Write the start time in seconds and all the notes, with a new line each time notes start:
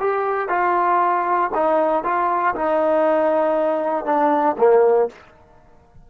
0.00 G4
0.49 F4
1.54 D#4
2.04 F4
2.55 D#4
4.05 D4
4.58 A#3